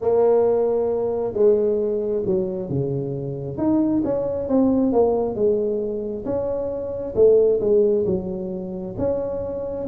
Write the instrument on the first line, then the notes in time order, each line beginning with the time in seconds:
tuba
0.01 A#3
1.33 G#3
2.26 F#3
2.69 C#3
3.57 D#4
4.04 C#4
4.48 C4
4.92 A#3
5.35 G#3
6.24 C#4
7.15 A3
7.60 G#3
8.06 F#3
8.98 C#4